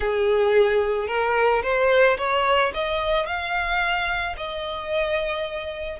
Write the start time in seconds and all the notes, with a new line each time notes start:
0.00 G#4
1.07 A#4
1.62 C5
2.17 C#5
2.73 D#5
3.26 F5
4.37 D#5